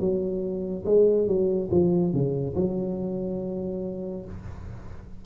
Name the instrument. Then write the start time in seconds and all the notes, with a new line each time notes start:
tuba
0.00 F#3
0.86 G#3
1.28 F#3
1.71 F3
2.13 C#3
2.56 F#3